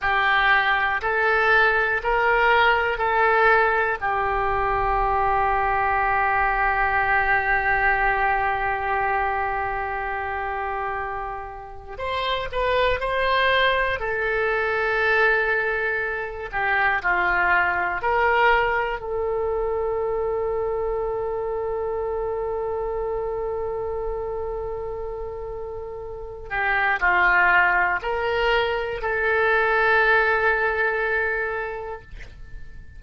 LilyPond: \new Staff \with { instrumentName = "oboe" } { \time 4/4 \tempo 4 = 60 g'4 a'4 ais'4 a'4 | g'1~ | g'1 | c''8 b'8 c''4 a'2~ |
a'8 g'8 f'4 ais'4 a'4~ | a'1~ | a'2~ a'8 g'8 f'4 | ais'4 a'2. | }